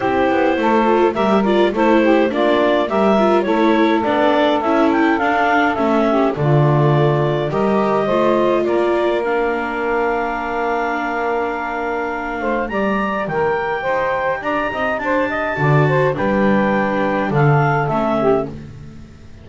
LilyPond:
<<
  \new Staff \with { instrumentName = "clarinet" } { \time 4/4 \tempo 4 = 104 c''2 e''8 d''8 c''4 | d''4 e''4 cis''4 d''4 | e''8 g''8 f''4 e''4 d''4~ | d''4 dis''2 d''4 |
f''1~ | f''2 ais''4 g''4~ | g''4 ais''4 a''2 | g''2 f''4 e''4 | }
  \new Staff \with { instrumentName = "saxophone" } { \time 4/4 g'4 a'4 ais'4 a'8 g'8 | f'4 ais'4 a'2~ | a'2~ a'8 g'8 f'4~ | f'4 ais'4 c''4 ais'4~ |
ais'1~ | ais'4. c''8 d''4 ais'4 | c''4 d''8 dis''8 c''8 dis''8 d''8 c''8 | b'2 a'4. g'8 | }
  \new Staff \with { instrumentName = "viola" } { \time 4/4 e'4. f'8 g'8 f'8 e'4 | d'4 g'8 f'8 e'4 d'4 | e'4 d'4 cis'4 a4~ | a4 g'4 f'2 |
d'1~ | d'2 g'2~ | g'2. fis'4 | d'2. cis'4 | }
  \new Staff \with { instrumentName = "double bass" } { \time 4/4 c'8 b8 a4 g4 a4 | ais4 g4 a4 b4 | cis'4 d'4 a4 d4~ | d4 g4 a4 ais4~ |
ais1~ | ais4. a8 g4 dis4 | dis'4 d'8 c'8 d'4 d4 | g2 d4 a4 | }
>>